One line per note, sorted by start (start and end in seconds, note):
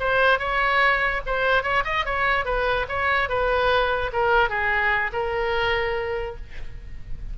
0.00 0.39 C5
0.39 1.21 C#5
1.26 1.63 C5
1.63 1.84 C#5
1.85 2.05 D#5
2.06 2.45 C#5
2.45 2.86 B4
2.89 3.29 C#5
3.29 4.11 B4
4.13 4.49 A#4
4.49 5.11 G#4
5.13 6.36 A#4